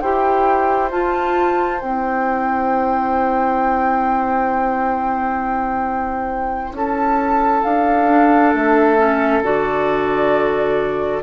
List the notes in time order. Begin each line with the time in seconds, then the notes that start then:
0.00 E4 G4 C5 G5
0.91 F4 A5
1.81 C4 E4 G5
6.73 C#4 A4 A5
7.63 D4 F5
8.09 D4
8.54 A3 E5
8.97 C#4
9.42 D3 F#4 D5